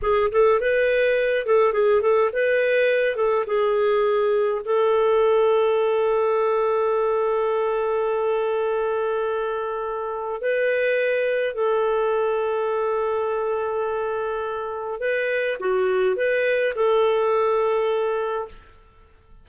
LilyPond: \new Staff \with { instrumentName = "clarinet" } { \time 4/4 \tempo 4 = 104 gis'8 a'8 b'4. a'8 gis'8 a'8 | b'4. a'8 gis'2 | a'1~ | a'1~ |
a'2 b'2 | a'1~ | a'2 b'4 fis'4 | b'4 a'2. | }